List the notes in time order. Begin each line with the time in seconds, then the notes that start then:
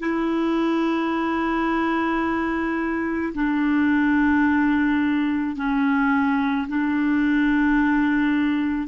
0.00 E4
3.34 D4
5.57 C#4
6.69 D4